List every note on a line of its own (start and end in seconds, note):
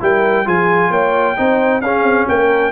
0.00 0.47 G3
0.00 0.45 E4
0.00 0.46 A#4
0.00 0.48 G5
0.45 0.91 F3
0.45 1.36 F4
0.45 0.91 G#4
0.45 0.92 G#5
0.91 1.36 A#3
0.91 1.36 C#5
0.91 1.81 G5
1.37 1.82 C4
1.37 1.82 D#4
1.37 1.83 C5
1.81 2.03 C#4
1.81 2.72 C#4
1.81 2.28 G#4
1.81 2.27 F5
2.03 2.26 C4
2.28 2.72 A#3
2.28 2.72 A#4
2.28 2.72 G5